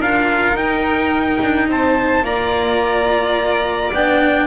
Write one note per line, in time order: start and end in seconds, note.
0.00 0.54 D4
0.00 0.57 F4
0.00 1.68 A#4
0.00 0.57 F5
0.54 1.38 D#4
0.54 2.24 D#4
0.54 1.69 G5
1.42 1.69 D4
1.69 2.23 C4
1.69 2.25 C5
1.69 2.25 A5
2.23 3.91 A#3
2.23 3.92 F4
2.23 4.47 D5
2.23 3.94 A#5
3.93 4.47 B3
3.93 4.47 D4
3.93 4.47 G5